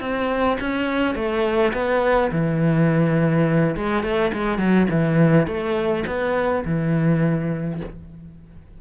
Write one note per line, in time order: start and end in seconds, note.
0.00 0.58 C4
0.60 1.15 C#4
1.15 1.72 A3
1.73 2.31 B3
2.32 3.76 E3
3.76 4.03 G#3
4.03 4.32 A3
4.33 4.58 G#3
4.58 4.87 F#3
4.90 5.47 E3
5.47 6.05 A3
6.06 6.64 B3
6.65 7.80 E3